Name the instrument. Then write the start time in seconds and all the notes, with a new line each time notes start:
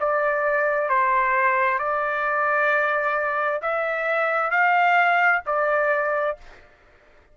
trumpet
0.00 D5
0.89 C5
1.79 D5
3.62 E5
4.51 F5
5.46 D5